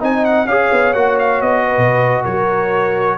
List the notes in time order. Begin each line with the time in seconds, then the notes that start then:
0.00 C4 D#4 D#5 G#5
0.25 F#5
0.46 C#4 G#4 C#5 F5
0.72 B3
0.94 A#3 F#4 F#5
1.19 F5
1.42 B3 D#5
1.66 B4
1.77 B2
2.23 F#3 A#4 C#5